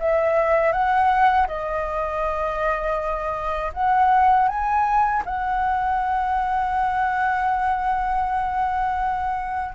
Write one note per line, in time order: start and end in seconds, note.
0.00 0.72 E5
0.72 1.47 F#5
1.47 3.72 D#5
3.73 4.48 F#5
4.48 5.23 G#5
5.25 9.74 F#5